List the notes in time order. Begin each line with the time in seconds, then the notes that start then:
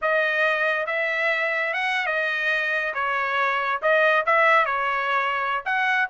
0.01 D#5
0.86 E5
1.73 F#5
2.06 D#5
2.93 C#5
3.81 D#5
4.26 E5
4.65 C#5
5.65 F#5